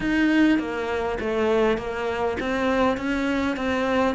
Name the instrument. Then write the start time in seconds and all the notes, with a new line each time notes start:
cello
0.00 D#4
0.58 A#3
1.19 A3
1.77 A#3
2.40 C4
2.97 C#4
3.56 C4